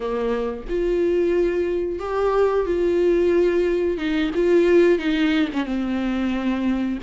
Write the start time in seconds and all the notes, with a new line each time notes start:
0.00 A#3
0.69 F4
1.99 G4
2.66 F4
3.97 D#4
4.34 F4
4.98 D#4
5.53 C#4
5.65 C4